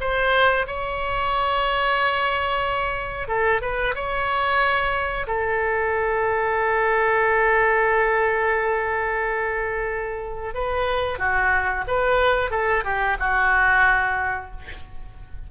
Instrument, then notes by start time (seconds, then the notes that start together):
oboe
0.00 C5
0.67 C#5
3.28 A4
3.61 B4
3.95 C#5
5.27 A4
10.54 B4
11.18 F#4
11.87 B4
12.51 A4
12.84 G4
13.19 F#4